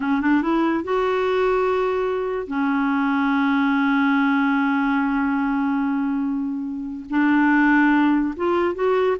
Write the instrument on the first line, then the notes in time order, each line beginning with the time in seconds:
clarinet
0.00 C#4
0.21 D4
0.42 E4
0.83 F#4
2.47 C#4
7.09 D4
8.36 F4
8.75 F#4